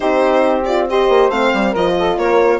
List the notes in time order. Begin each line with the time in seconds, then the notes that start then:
0.00 C4 D#4 G4 C5
0.64 F4 D5
0.89 G4 C5 D#5
1.08 A#3
1.29 A3 C4 F5
1.53 G3
1.70 F3 F4 A#4 D#5
1.97 A4
2.17 A#3 A#4 C#5